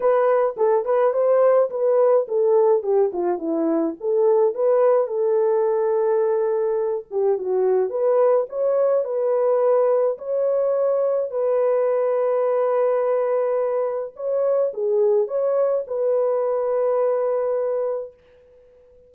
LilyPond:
\new Staff \with { instrumentName = "horn" } { \time 4/4 \tempo 4 = 106 b'4 a'8 b'8 c''4 b'4 | a'4 g'8 f'8 e'4 a'4 | b'4 a'2.~ | a'8 g'8 fis'4 b'4 cis''4 |
b'2 cis''2 | b'1~ | b'4 cis''4 gis'4 cis''4 | b'1 | }